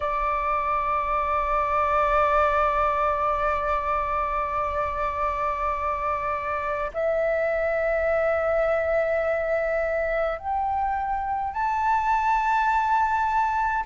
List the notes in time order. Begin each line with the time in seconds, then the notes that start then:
0.00 D5
6.93 E5
10.38 G5
11.53 A5